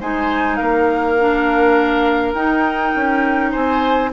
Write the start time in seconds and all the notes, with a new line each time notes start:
0.00 G#3 D#4 C5 G#5
0.56 A#3 A#4 F5
1.19 D4
2.34 D#4 G5
2.95 C#4
3.51 C4 C5 G#5